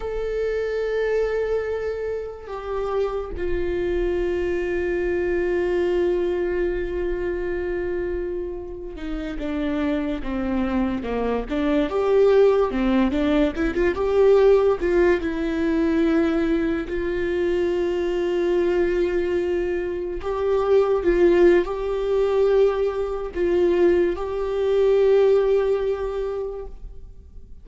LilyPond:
\new Staff \with { instrumentName = "viola" } { \time 4/4 \tempo 4 = 72 a'2. g'4 | f'1~ | f'2~ f'8. dis'8 d'8.~ | d'16 c'4 ais8 d'8 g'4 c'8 d'16~ |
d'16 e'16 f'16 g'4 f'8 e'4.~ e'16~ | e'16 f'2.~ f'8.~ | f'16 g'4 f'8. g'2 | f'4 g'2. | }